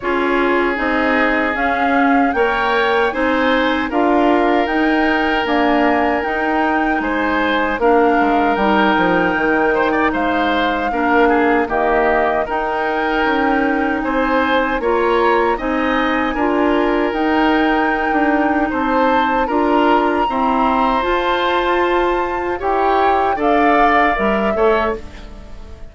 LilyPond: <<
  \new Staff \with { instrumentName = "flute" } { \time 4/4 \tempo 4 = 77 cis''4 dis''4 f''4 g''4 | gis''4 f''4 g''4 gis''4 | g''4 gis''4 f''4 g''4~ | g''4 f''2 dis''4 |
g''2 gis''4 ais''4 | gis''2 g''2 | a''4 ais''2 a''4~ | a''4 g''4 f''4 e''4 | }
  \new Staff \with { instrumentName = "oboe" } { \time 4/4 gis'2. cis''4 | c''4 ais'2.~ | ais'4 c''4 ais'2~ | ais'8 c''16 d''16 c''4 ais'8 gis'8 g'4 |
ais'2 c''4 cis''4 | dis''4 ais'2. | c''4 ais'4 c''2~ | c''4 cis''4 d''4. cis''8 | }
  \new Staff \with { instrumentName = "clarinet" } { \time 4/4 f'4 dis'4 cis'4 ais'4 | dis'4 f'4 dis'4 ais4 | dis'2 d'4 dis'4~ | dis'2 d'4 ais4 |
dis'2. f'4 | dis'4 f'4 dis'2~ | dis'4 f'4 c'4 f'4~ | f'4 g'4 a'4 ais'8 a'8 | }
  \new Staff \with { instrumentName = "bassoon" } { \time 4/4 cis'4 c'4 cis'4 ais4 | c'4 d'4 dis'4 d'4 | dis'4 gis4 ais8 gis8 g8 f8 | dis4 gis4 ais4 dis4 |
dis'4 cis'4 c'4 ais4 | c'4 d'4 dis'4~ dis'16 d'8. | c'4 d'4 e'4 f'4~ | f'4 e'4 d'4 g8 a8 | }
>>